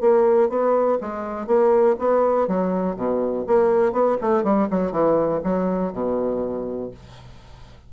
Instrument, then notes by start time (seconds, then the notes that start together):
bassoon
0.00 A#3
0.49 B3
1.00 G#3
1.46 A#3
1.99 B3
2.47 F#3
2.96 B2
3.47 A#3
3.92 B3
4.21 A3
4.43 G3
4.70 F#3
4.91 E3
5.43 F#3
5.92 B2